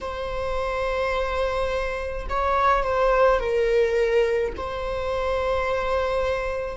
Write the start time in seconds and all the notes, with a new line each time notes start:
0.00 C5
2.29 C#5
2.83 C5
3.40 A#4
4.56 C5